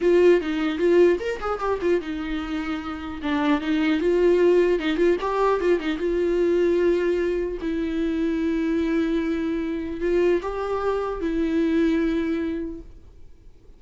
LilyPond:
\new Staff \with { instrumentName = "viola" } { \time 4/4 \tempo 4 = 150 f'4 dis'4 f'4 ais'8 gis'8 | g'8 f'8 dis'2. | d'4 dis'4 f'2 | dis'8 f'8 g'4 f'8 dis'8 f'4~ |
f'2. e'4~ | e'1~ | e'4 f'4 g'2 | e'1 | }